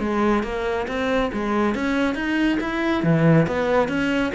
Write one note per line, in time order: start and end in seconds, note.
0.00 0.43 G#3
0.44 0.87 A#3
0.88 1.31 C4
1.34 1.75 G#3
1.75 2.15 C#4
2.15 2.59 D#4
2.61 3.04 E4
3.04 3.47 E3
3.47 3.89 B3
3.89 4.32 C#4